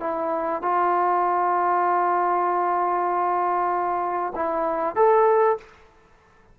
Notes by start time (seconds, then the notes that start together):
0.00 E4
0.62 F4
4.35 E4
4.96 A4